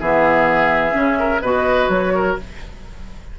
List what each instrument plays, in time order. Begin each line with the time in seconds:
0.00 bassoon E3, clarinet B3, oboe G#4, flute E5
0.91 bassoon C#3, clarinet C#4
1.19 oboe A#4
1.42 bassoon B2, clarinet F#4, oboe B4, flute D#5
1.89 bassoon F#3, flute C#5
2.15 oboe A#4